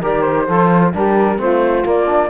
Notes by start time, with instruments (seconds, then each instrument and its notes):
0.00 cello D#3, trombone G4, saxophone A#4, flute D5
0.22 flute C5
0.47 cello F3, trombone F4, saxophone A4
0.93 cello G3, trombone D4, saxophone G4, flute A#4
1.37 cello A3, trombone C4, saxophone F4, flute C5
1.83 trombone A#3, cello A#3, flute D5
2.06 trombone D4